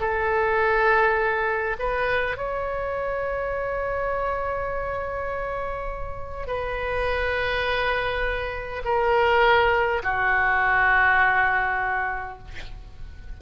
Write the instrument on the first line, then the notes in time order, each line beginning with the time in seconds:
oboe
0.00 A4
1.79 B4
2.37 C#5
6.47 B4
8.84 A#4
10.03 F#4